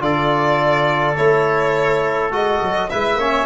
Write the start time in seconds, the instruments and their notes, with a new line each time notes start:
0.00 tuba D3, trombone F4, trumpet A4, violin D5
1.16 tuba A3, trombone E4, violin C#5
2.31 tuba G#3, trombone F#4, violin D#5
2.62 tuba F#3
2.89 tuba G#3, trombone E4, trumpet B4, violin E5
3.15 tuba A#3, trombone C#4, trumpet C#5